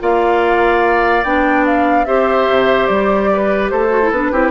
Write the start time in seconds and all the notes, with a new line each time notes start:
0.00 A#3 F4 D5 F5
1.24 B3 D4 G5
1.66 F5
2.05 C4 G4 C5 E5
2.49 C3
2.87 G3 D5
3.33 B4
3.70 A3 A4 C5
3.89 F#4
4.02 E4
4.11 B3 D4 B4
4.32 C4 E4 G4